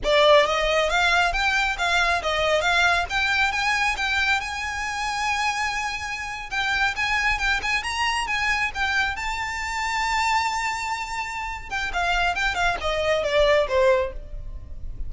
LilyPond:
\new Staff \with { instrumentName = "violin" } { \time 4/4 \tempo 4 = 136 d''4 dis''4 f''4 g''4 | f''4 dis''4 f''4 g''4 | gis''4 g''4 gis''2~ | gis''2~ gis''8. g''4 gis''16~ |
gis''8. g''8 gis''8 ais''4 gis''4 g''16~ | g''8. a''2.~ a''16~ | a''2~ a''8 g''8 f''4 | g''8 f''8 dis''4 d''4 c''4 | }